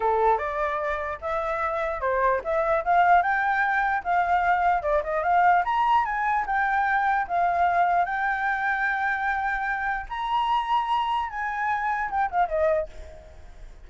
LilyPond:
\new Staff \with { instrumentName = "flute" } { \time 4/4 \tempo 4 = 149 a'4 d''2 e''4~ | e''4 c''4 e''4 f''4 | g''2 f''2 | d''8 dis''8 f''4 ais''4 gis''4 |
g''2 f''2 | g''1~ | g''4 ais''2. | gis''2 g''8 f''8 dis''4 | }